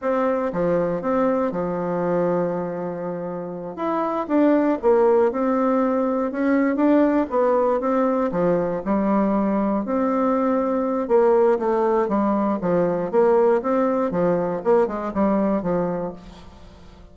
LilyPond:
\new Staff \with { instrumentName = "bassoon" } { \time 4/4 \tempo 4 = 119 c'4 f4 c'4 f4~ | f2.~ f8 e'8~ | e'8 d'4 ais4 c'4.~ | c'8 cis'4 d'4 b4 c'8~ |
c'8 f4 g2 c'8~ | c'2 ais4 a4 | g4 f4 ais4 c'4 | f4 ais8 gis8 g4 f4 | }